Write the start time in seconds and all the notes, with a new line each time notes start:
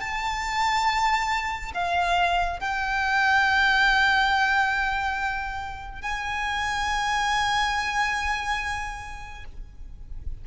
0.00 A5
1.74 F5
2.59 G5
6.01 G#5